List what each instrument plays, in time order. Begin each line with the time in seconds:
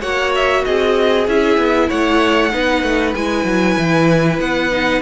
0.00 cello A#3, viola F#4, violin C#5 F#5
0.35 violin E5
0.64 cello C4, violin G#4 D#5
1.27 cello C#4, viola E4, violin E5
1.57 cello B3
1.88 cello A3, violin C#5 F#5
2.51 cello B3, viola D#4, violin B4
2.82 cello A3
3.14 cello G#3, viola E4, violin G#5
3.44 cello F#3
3.77 cello E3
4.39 cello B3, violin F#5
4.71 viola D#4